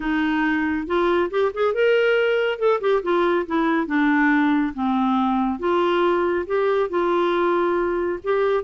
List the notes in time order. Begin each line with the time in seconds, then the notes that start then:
0.00 D#4
0.86 F4
1.30 G4
1.54 G#4
1.74 A#4
2.58 A4
2.80 G4
3.02 F4
3.46 E4
3.86 D4
4.73 C4
5.59 F4
6.46 G4
6.89 F4
8.23 G4